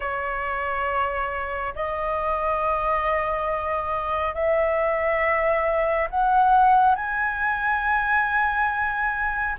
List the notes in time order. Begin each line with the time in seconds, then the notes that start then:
0.00 C#5
1.75 D#5
4.34 E5
6.10 F#5
6.95 G#5